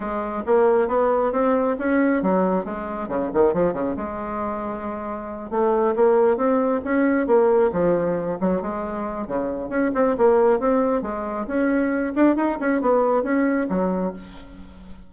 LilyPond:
\new Staff \with { instrumentName = "bassoon" } { \time 4/4 \tempo 4 = 136 gis4 ais4 b4 c'4 | cis'4 fis4 gis4 cis8 dis8 | f8 cis8 gis2.~ | gis8 a4 ais4 c'4 cis'8~ |
cis'8 ais4 f4. fis8 gis8~ | gis4 cis4 cis'8 c'8 ais4 | c'4 gis4 cis'4. d'8 | dis'8 cis'8 b4 cis'4 fis4 | }